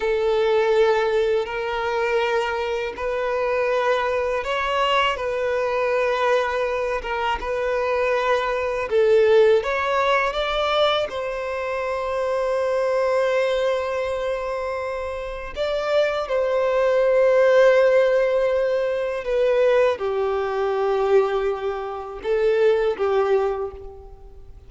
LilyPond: \new Staff \with { instrumentName = "violin" } { \time 4/4 \tempo 4 = 81 a'2 ais'2 | b'2 cis''4 b'4~ | b'4. ais'8 b'2 | a'4 cis''4 d''4 c''4~ |
c''1~ | c''4 d''4 c''2~ | c''2 b'4 g'4~ | g'2 a'4 g'4 | }